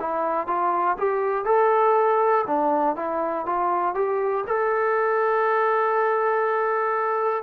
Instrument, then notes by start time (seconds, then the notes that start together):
trombone
0.00 E4
0.47 F4
0.98 G4
1.45 A4
2.47 D4
2.96 E4
3.45 F4
3.95 G4
4.47 A4